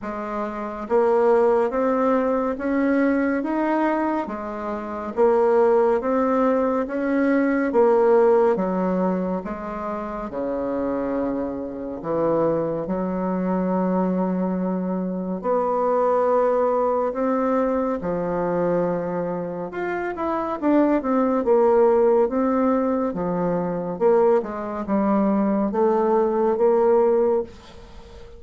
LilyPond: \new Staff \with { instrumentName = "bassoon" } { \time 4/4 \tempo 4 = 70 gis4 ais4 c'4 cis'4 | dis'4 gis4 ais4 c'4 | cis'4 ais4 fis4 gis4 | cis2 e4 fis4~ |
fis2 b2 | c'4 f2 f'8 e'8 | d'8 c'8 ais4 c'4 f4 | ais8 gis8 g4 a4 ais4 | }